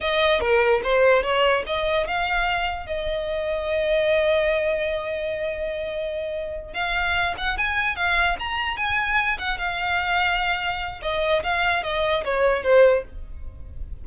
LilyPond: \new Staff \with { instrumentName = "violin" } { \time 4/4 \tempo 4 = 147 dis''4 ais'4 c''4 cis''4 | dis''4 f''2 dis''4~ | dis''1~ | dis''1~ |
dis''8 f''4. fis''8 gis''4 f''8~ | f''8 ais''4 gis''4. fis''8 f''8~ | f''2. dis''4 | f''4 dis''4 cis''4 c''4 | }